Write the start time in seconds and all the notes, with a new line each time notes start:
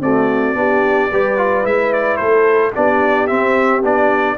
0.00 A3 C4 F#4 D5
0.54 B3 D4 G4
1.11 G3 G4 B4
1.37 F4
1.63 G#3 E4 E5
1.93 D5
2.16 A3 A4 C5
2.73 B3 D4 G4 D5
3.27 C4 E5
3.83 B3 D4 D5